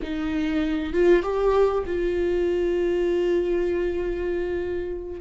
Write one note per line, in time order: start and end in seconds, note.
0.02 0.93 D#4
0.93 1.22 F4
1.22 1.84 G4
1.86 5.20 F4